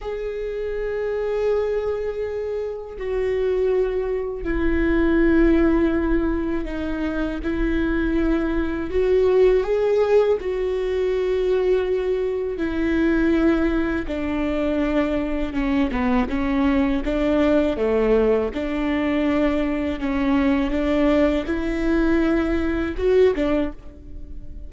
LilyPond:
\new Staff \with { instrumentName = "viola" } { \time 4/4 \tempo 4 = 81 gis'1 | fis'2 e'2~ | e'4 dis'4 e'2 | fis'4 gis'4 fis'2~ |
fis'4 e'2 d'4~ | d'4 cis'8 b8 cis'4 d'4 | a4 d'2 cis'4 | d'4 e'2 fis'8 d'8 | }